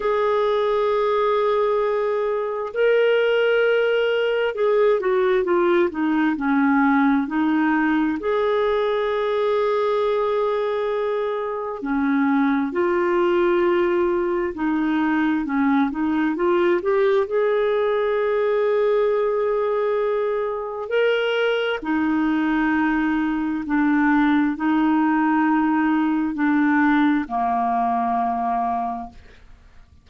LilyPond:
\new Staff \with { instrumentName = "clarinet" } { \time 4/4 \tempo 4 = 66 gis'2. ais'4~ | ais'4 gis'8 fis'8 f'8 dis'8 cis'4 | dis'4 gis'2.~ | gis'4 cis'4 f'2 |
dis'4 cis'8 dis'8 f'8 g'8 gis'4~ | gis'2. ais'4 | dis'2 d'4 dis'4~ | dis'4 d'4 ais2 | }